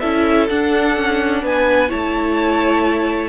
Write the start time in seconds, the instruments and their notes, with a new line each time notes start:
0.00 cello C#4, viola E4, violin A4 E5
0.50 viola D4, cello D4, violin F#5
0.97 cello C#4
1.42 cello B3, violin B4 G#5
1.89 cello A3, viola E4, violin C#5 A5